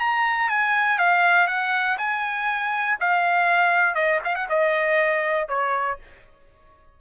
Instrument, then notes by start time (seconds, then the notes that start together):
trumpet
0.00 A#5
0.50 G#5
0.99 F5
1.47 F#5
1.98 G#5
3.00 F5
3.95 D#5
4.25 F5
4.35 F#5
4.50 D#5
5.49 C#5